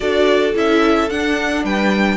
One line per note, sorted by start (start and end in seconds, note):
0.00 0.55 D4
0.00 0.53 F#4
0.00 1.64 A4
0.00 0.54 D5
0.54 1.10 C#4
0.54 1.09 E4
0.54 1.09 E5
1.09 2.16 D4
1.09 1.64 D4
1.09 1.64 F#5
1.64 2.16 G3
1.64 2.16 B4
1.64 2.16 G5